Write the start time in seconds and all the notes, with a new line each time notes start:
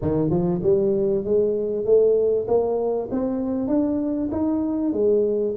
0.01 D#3
0.30 F3
0.62 G3
1.24 G#3
1.85 A3
2.47 A#3
3.11 C4
3.67 D4
4.31 D#4
4.93 G#3